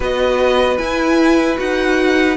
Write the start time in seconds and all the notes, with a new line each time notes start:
0.00 B3 F#4 B4 D#5
0.77 E4 G#5
1.56 D#4 F#4 F#5